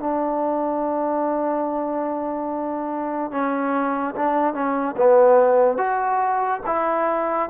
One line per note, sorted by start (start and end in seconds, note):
0.00 3.32 D4
3.32 4.15 C#4
4.16 4.54 D4
4.54 4.96 C#4
4.97 5.78 B3
5.78 6.61 F#4
6.67 7.50 E4